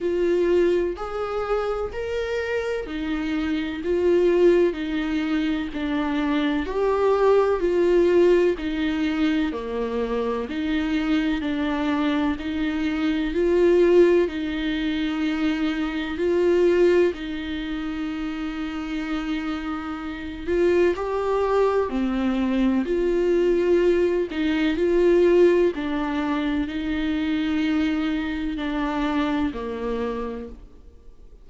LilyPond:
\new Staff \with { instrumentName = "viola" } { \time 4/4 \tempo 4 = 63 f'4 gis'4 ais'4 dis'4 | f'4 dis'4 d'4 g'4 | f'4 dis'4 ais4 dis'4 | d'4 dis'4 f'4 dis'4~ |
dis'4 f'4 dis'2~ | dis'4. f'8 g'4 c'4 | f'4. dis'8 f'4 d'4 | dis'2 d'4 ais4 | }